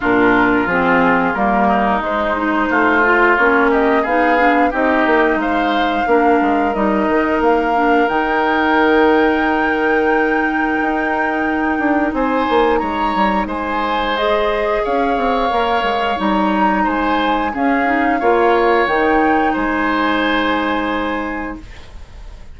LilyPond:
<<
  \new Staff \with { instrumentName = "flute" } { \time 4/4 \tempo 4 = 89 ais'4 gis'4 ais'4 c''4~ | c''4 cis''8 dis''8 f''4 dis''4 | f''2 dis''4 f''4 | g''1~ |
g''2 gis''4 ais''4 | gis''4 dis''4 f''2 | ais''4 gis''4 f''2 | g''4 gis''2. | }
  \new Staff \with { instrumentName = "oboe" } { \time 4/4 f'2~ f'8 dis'4. | f'4. g'8 gis'4 g'4 | c''4 ais'2.~ | ais'1~ |
ais'2 c''4 cis''4 | c''2 cis''2~ | cis''4 c''4 gis'4 cis''4~ | cis''4 c''2. | }
  \new Staff \with { instrumentName = "clarinet" } { \time 4/4 d'4 c'4 ais4 gis8 dis'8~ | dis'8 f'8 cis'4 dis'8 d'8 dis'4~ | dis'4 d'4 dis'4. d'8 | dis'1~ |
dis'1~ | dis'4 gis'2 ais'4 | dis'2 cis'8 dis'8 f'4 | dis'1 | }
  \new Staff \with { instrumentName = "bassoon" } { \time 4/4 ais,4 f4 g4 gis4 | a4 ais4 b4 c'8 ais8 | gis4 ais8 gis8 g8 dis8 ais4 | dis1 |
dis'4. d'8 c'8 ais8 gis8 g8 | gis2 cis'8 c'8 ais8 gis8 | g4 gis4 cis'4 ais4 | dis4 gis2. | }
>>